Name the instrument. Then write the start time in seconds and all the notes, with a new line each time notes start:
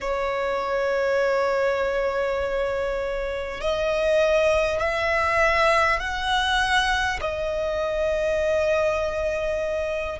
violin
0.01 C#5
3.61 D#5
4.80 E5
5.99 F#5
7.20 D#5